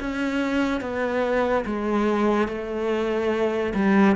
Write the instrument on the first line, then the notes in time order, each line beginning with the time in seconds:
cello
0.00 C#4
0.81 B3
1.66 G#3
2.48 A3
3.75 G3